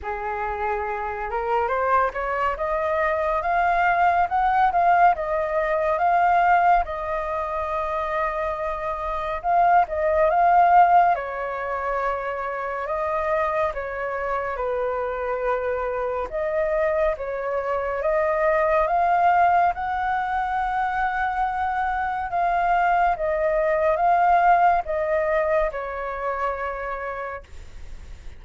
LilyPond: \new Staff \with { instrumentName = "flute" } { \time 4/4 \tempo 4 = 70 gis'4. ais'8 c''8 cis''8 dis''4 | f''4 fis''8 f''8 dis''4 f''4 | dis''2. f''8 dis''8 | f''4 cis''2 dis''4 |
cis''4 b'2 dis''4 | cis''4 dis''4 f''4 fis''4~ | fis''2 f''4 dis''4 | f''4 dis''4 cis''2 | }